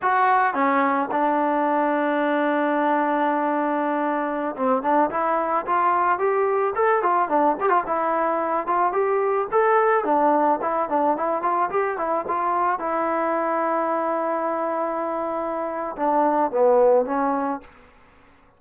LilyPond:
\new Staff \with { instrumentName = "trombone" } { \time 4/4 \tempo 4 = 109 fis'4 cis'4 d'2~ | d'1~ | d'16 c'8 d'8 e'4 f'4 g'8.~ | g'16 a'8 f'8 d'8 g'16 f'16 e'4. f'16~ |
f'16 g'4 a'4 d'4 e'8 d'16~ | d'16 e'8 f'8 g'8 e'8 f'4 e'8.~ | e'1~ | e'4 d'4 b4 cis'4 | }